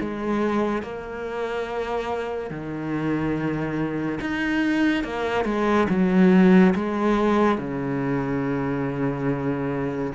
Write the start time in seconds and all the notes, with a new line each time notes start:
0.00 G#3
0.82 A#3
2.50 D#3
4.21 D#4
5.04 A#3
5.45 G#3
5.89 F#3
6.75 G#3
7.58 C#3